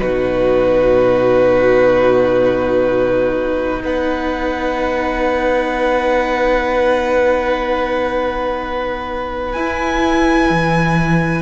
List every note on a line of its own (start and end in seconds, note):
0.00 3.83 B2
0.00 9.52 D#4
0.00 3.83 F#4
0.00 3.82 B4
3.84 9.56 B3
3.84 11.42 B4
3.84 9.53 F#5
9.53 11.42 E4
9.53 10.50 E4
9.53 11.42 G#5
10.50 11.42 E3